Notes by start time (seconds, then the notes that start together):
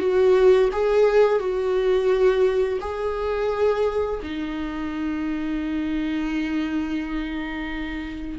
0.00 F#4
0.73 G#4
1.40 F#4
2.81 G#4
4.23 D#4